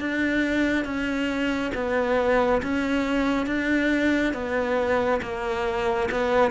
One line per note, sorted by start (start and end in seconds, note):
0.00 0.85 D4
0.85 1.72 C#4
1.74 2.61 B3
2.62 3.46 C#4
3.46 4.33 D4
4.33 5.20 B3
5.22 6.09 A#3
6.11 6.51 B3